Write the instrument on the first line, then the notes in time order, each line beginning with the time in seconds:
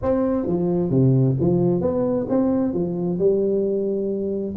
tuba
0.02 C4
0.46 F3
0.90 C3
1.39 F3
1.81 B3
2.29 C4
2.73 F3
3.18 G3